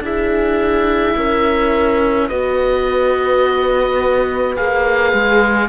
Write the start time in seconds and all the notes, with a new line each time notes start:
0.00 D4 E4 G#4 E5
1.17 C#4 A#4
2.29 B3 F#4 B4 D#5
4.57 A#3 G#4 F5
5.13 G#3